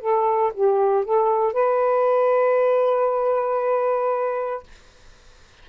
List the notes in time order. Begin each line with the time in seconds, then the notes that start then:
0.00 A4
0.54 G4
1.04 A4
1.53 B4